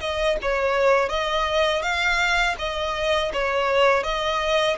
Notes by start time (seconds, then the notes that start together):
0.00 D#5
0.42 C#5
1.09 D#5
1.82 F5
2.58 D#5
3.33 C#5
4.03 D#5